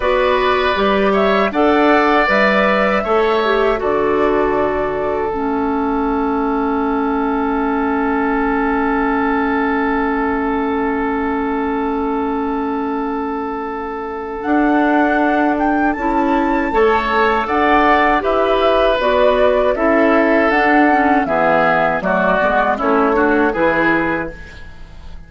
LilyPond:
<<
  \new Staff \with { instrumentName = "flute" } { \time 4/4 \tempo 4 = 79 d''4. e''8 fis''4 e''4~ | e''4 d''2 e''4~ | e''1~ | e''1~ |
e''2. fis''4~ | fis''8 g''8 a''2 fis''4 | e''4 d''4 e''4 fis''4 | e''4 d''4 cis''4 b'4 | }
  \new Staff \with { instrumentName = "oboe" } { \time 4/4 b'4. cis''8 d''2 | cis''4 a'2.~ | a'1~ | a'1~ |
a'1~ | a'2 cis''4 d''4 | b'2 a'2 | gis'4 fis'4 e'8 fis'8 gis'4 | }
  \new Staff \with { instrumentName = "clarinet" } { \time 4/4 fis'4 g'4 a'4 b'4 | a'8 g'8 fis'2 cis'4~ | cis'1~ | cis'1~ |
cis'2. d'4~ | d'4 e'4 a'2 | g'4 fis'4 e'4 d'8 cis'8 | b4 a8 b8 cis'8 d'8 e'4 | }
  \new Staff \with { instrumentName = "bassoon" } { \time 4/4 b4 g4 d'4 g4 | a4 d2 a4~ | a1~ | a1~ |
a2. d'4~ | d'4 cis'4 a4 d'4 | e'4 b4 cis'4 d'4 | e4 fis8 gis8 a4 e4 | }
>>